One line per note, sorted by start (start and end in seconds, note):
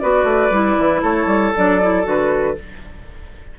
0.00 0.24 B3
0.00 0.52 F#4
0.00 1.02 B4
0.00 1.03 D5
0.24 0.50 A3
0.51 0.76 G3
0.51 1.54 E4
0.79 1.04 E3
1.02 1.26 A3
1.02 2.56 A4
1.02 1.54 C#5
1.26 1.52 G3
1.56 2.06 F#3
1.56 1.82 D4
1.56 2.07 D5
1.82 2.04 E4
2.04 2.57 D3
2.04 2.55 F#4
2.04 2.60 B4